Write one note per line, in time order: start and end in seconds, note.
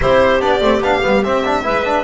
0.01 0.41 C4
0.01 0.40 E4
0.01 1.64 G4
0.01 0.41 C5
0.40 0.61 B3
0.40 0.61 D4
0.40 0.82 D5
0.61 0.79 A3
0.61 0.81 C4
0.79 1.00 B3
0.79 1.02 D4
0.79 1.23 F5
1.02 1.25 G3
1.02 1.23 B3
1.23 1.43 C4
1.23 1.65 C4
1.23 2.03 E5
1.45 1.63 D4
1.63 2.03 G#3
1.63 1.83 E4
1.63 2.03 B4
1.84 2.03 D4